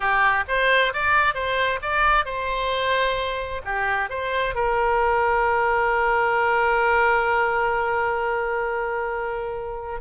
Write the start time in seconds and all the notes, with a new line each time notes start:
0.00 G4
0.48 C5
0.93 D5
1.34 C5
1.81 D5
2.25 C5
3.64 G4
4.09 C5
4.54 A#4